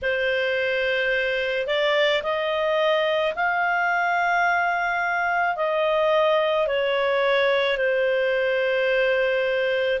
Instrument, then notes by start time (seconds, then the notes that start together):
clarinet
0.02 C5
1.67 D5
2.22 D#5
3.35 F5
5.56 D#5
6.67 C#5
7.77 C5